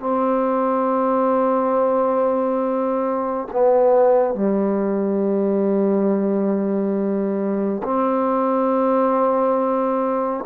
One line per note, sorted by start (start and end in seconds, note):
0.00 3.48 C4
3.52 4.35 B3
4.35 7.83 G3
7.84 10.45 C4